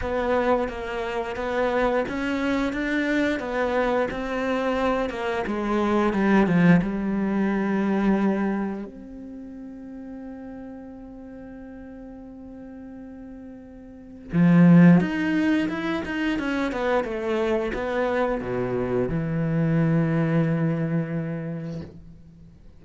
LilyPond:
\new Staff \with { instrumentName = "cello" } { \time 4/4 \tempo 4 = 88 b4 ais4 b4 cis'4 | d'4 b4 c'4. ais8 | gis4 g8 f8 g2~ | g4 c'2.~ |
c'1~ | c'4 f4 dis'4 e'8 dis'8 | cis'8 b8 a4 b4 b,4 | e1 | }